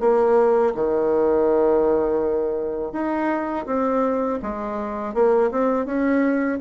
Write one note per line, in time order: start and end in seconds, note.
0.00 0.73 A#3
0.75 2.92 D#3
2.92 3.66 D#4
3.66 4.39 C4
4.42 5.14 G#3
5.14 5.50 A#3
5.51 5.85 C4
5.85 6.59 C#4